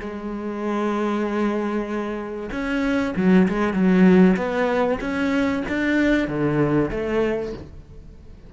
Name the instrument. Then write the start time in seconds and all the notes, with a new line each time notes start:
cello
0.00 G#3
2.51 C#4
3.16 F#3
3.48 G#3
3.74 F#3
4.36 B3
5.01 C#4
5.68 D4
6.28 D3
6.91 A3